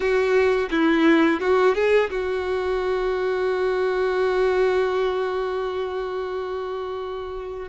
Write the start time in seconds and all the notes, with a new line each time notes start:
0.00 F#4
0.70 E4
1.40 F#4
1.74 G#4
2.10 F#4